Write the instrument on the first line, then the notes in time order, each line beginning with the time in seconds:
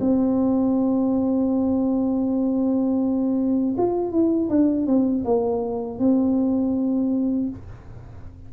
tuba
0.00 C4
3.77 F4
4.11 E4
4.49 D4
4.86 C4
5.24 A#3
5.99 C4